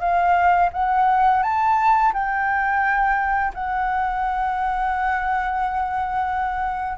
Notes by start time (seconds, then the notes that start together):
0.00 F5
0.73 F#5
1.43 A5
2.13 G5
3.54 F#5